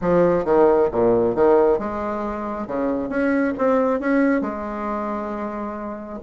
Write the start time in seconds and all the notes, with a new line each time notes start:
0.01 F3
0.44 D#3
0.91 A#2
1.35 D#3
1.78 G#3
2.67 C#3
3.09 C#4
3.58 C4
4.00 C#4
4.41 G#3